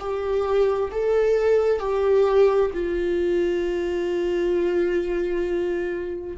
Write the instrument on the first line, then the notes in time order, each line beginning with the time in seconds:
viola
0.00 G4
0.91 A4
1.80 G4
2.74 F4